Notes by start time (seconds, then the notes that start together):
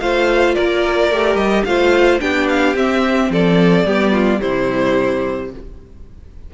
0.00 A3 F4 C5 F5
0.54 A#3 A#4 D5
1.11 A3 G4
1.35 G3 D#5
1.65 A3 F4 C5 F5
2.19 B3 D4 G4 G5
2.48 F5
2.75 C4 E5
3.30 F3 A4 D5
3.85 G3 B3 G4
4.12 F4
4.39 C3 G3 E4 C5